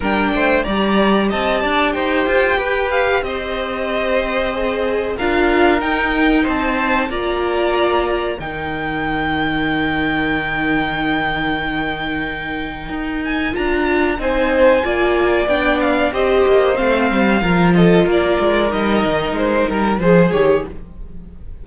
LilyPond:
<<
  \new Staff \with { instrumentName = "violin" } { \time 4/4 \tempo 4 = 93 g''4 ais''4 a''4 g''4~ | g''8 f''8 dis''2. | f''4 g''4 a''4 ais''4~ | ais''4 g''2.~ |
g''1~ | g''8 gis''8 ais''4 gis''2 | g''8 f''8 dis''4 f''4. dis''8 | d''4 dis''4 c''8 ais'8 c''8 cis''8 | }
  \new Staff \with { instrumentName = "violin" } { \time 4/4 ais'8 c''8 d''4 dis''8 d''8 c''4 | b'4 c''2. | ais'2 c''4 d''4~ | d''4 ais'2.~ |
ais'1~ | ais'2 c''4 d''4~ | d''4 c''2 ais'8 a'8 | ais'2. gis'4 | }
  \new Staff \with { instrumentName = "viola" } { \time 4/4 d'4 g'2.~ | g'2. gis'4 | f'4 dis'2 f'4~ | f'4 dis'2.~ |
dis'1~ | dis'4 f'4 dis'4 f'4 | d'4 g'4 c'4 f'4~ | f'4 dis'2 gis'8 g'8 | }
  \new Staff \with { instrumentName = "cello" } { \time 4/4 g8 a8 g4 c'8 d'8 dis'8 f'8 | g'4 c'2. | d'4 dis'4 c'4 ais4~ | ais4 dis2.~ |
dis1 | dis'4 d'4 c'4 ais4 | b4 c'8 ais8 a8 g8 f4 | ais8 gis8 g8 dis8 gis8 g8 f8 dis8 | }
>>